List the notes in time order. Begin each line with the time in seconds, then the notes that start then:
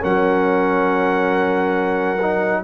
0.00 F#3 C#4 A#4 F#5
2.22 D#4